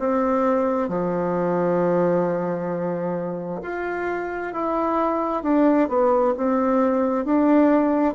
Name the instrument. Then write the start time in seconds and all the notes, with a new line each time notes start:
bassoon
0.00 C4
0.89 F3
3.63 F4
4.54 E4
5.44 D4
5.89 B3
6.38 C4
7.26 D4